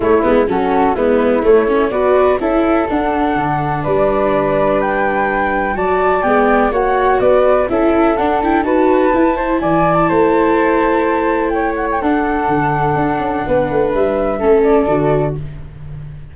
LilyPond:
<<
  \new Staff \with { instrumentName = "flute" } { \time 4/4 \tempo 4 = 125 cis''8 b'8 a'4 b'4 cis''4 | d''4 e''4 fis''2 | d''2 g''2 | a''4 g''4 fis''4 d''4 |
e''4 fis''8 g''8 a''2 | gis''8. a''2.~ a''16 | g''8 fis''16 g''16 fis''2.~ | fis''4 e''4. d''4. | }
  \new Staff \with { instrumentName = "flute" } { \time 4/4 e'4 fis'4 e'2 | b'4 a'2. | b'1 | d''2 cis''4 b'4 |
a'2 b'4. c''8 | d''4 c''2. | cis''4 a'2. | b'2 a'2 | }
  \new Staff \with { instrumentName = "viola" } { \time 4/4 a8 b8 cis'4 b4 a8 cis'8 | fis'4 e'4 d'2~ | d'1 | fis'4 b4 fis'2 |
e'4 d'8 e'8 fis'4 e'4~ | e'1~ | e'4 d'2.~ | d'2 cis'4 fis'4 | }
  \new Staff \with { instrumentName = "tuba" } { \time 4/4 a8 gis8 fis4 gis4 a4 | b4 cis'4 d'4 d4 | g1 | fis4 gis4 ais4 b4 |
cis'4 d'4 dis'4 e'4 | e4 a2.~ | a4 d'4 d4 d'8 cis'8 | b8 a8 g4 a4 d4 | }
>>